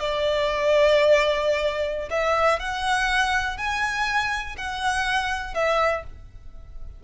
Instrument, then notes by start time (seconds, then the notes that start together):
violin
0.00 D5
2.10 E5
2.60 F#5
3.58 G#5
4.58 F#5
5.54 E5